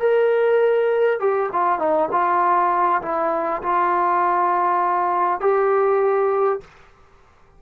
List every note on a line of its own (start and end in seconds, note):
0.00 1.20 A#4
1.20 1.50 G4
1.53 1.79 F4
1.79 2.09 D#4
2.12 3.02 F4
3.02 3.62 E4
3.63 5.41 F4
5.41 6.61 G4